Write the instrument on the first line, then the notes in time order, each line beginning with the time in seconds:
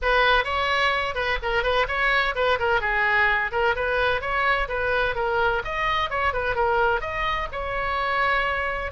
oboe
0.02 B4
0.44 C#5
1.14 B4
1.42 A#4
1.63 B4
1.88 C#5
2.35 B4
2.59 A#4
2.81 G#4
3.51 A#4
3.75 B4
4.21 C#5
4.68 B4
5.15 A#4
5.64 D#5
6.10 C#5
6.33 B4
6.55 A#4
7.01 D#5
7.51 C#5